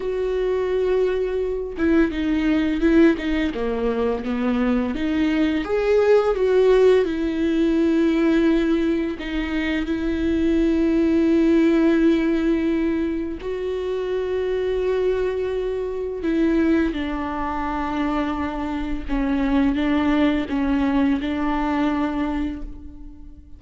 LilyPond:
\new Staff \with { instrumentName = "viola" } { \time 4/4 \tempo 4 = 85 fis'2~ fis'8 e'8 dis'4 | e'8 dis'8 ais4 b4 dis'4 | gis'4 fis'4 e'2~ | e'4 dis'4 e'2~ |
e'2. fis'4~ | fis'2. e'4 | d'2. cis'4 | d'4 cis'4 d'2 | }